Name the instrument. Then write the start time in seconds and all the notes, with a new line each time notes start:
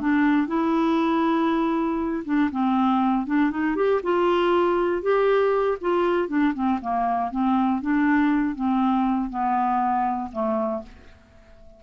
clarinet
0.00 D4
0.47 E4
2.25 D4
2.51 C4
3.26 D4
3.50 D#4
3.76 G4
4.03 F4
5.02 G4
5.81 F4
6.28 D4
6.54 C4
6.81 A#3
7.31 C4
7.81 D4
8.55 C4
9.30 B3
10.32 A3